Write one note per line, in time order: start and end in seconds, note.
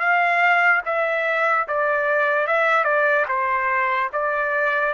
0.00 0.82 F5
0.85 1.67 E5
1.68 2.47 D5
2.47 2.85 E5
2.85 3.26 D5
3.28 4.10 C5
4.13 4.94 D5